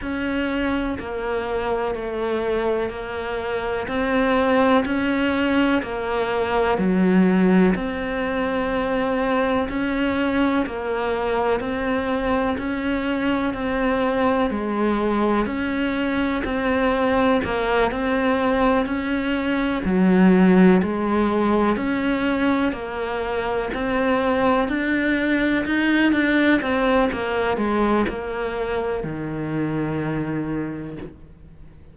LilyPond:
\new Staff \with { instrumentName = "cello" } { \time 4/4 \tempo 4 = 62 cis'4 ais4 a4 ais4 | c'4 cis'4 ais4 fis4 | c'2 cis'4 ais4 | c'4 cis'4 c'4 gis4 |
cis'4 c'4 ais8 c'4 cis'8~ | cis'8 fis4 gis4 cis'4 ais8~ | ais8 c'4 d'4 dis'8 d'8 c'8 | ais8 gis8 ais4 dis2 | }